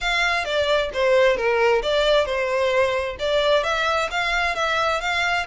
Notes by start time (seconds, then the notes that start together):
0.00 F5
0.44 D5
0.93 C5
1.36 A#4
1.82 D5
2.25 C5
3.19 D5
3.63 E5
4.11 F5
4.55 E5
5.00 F5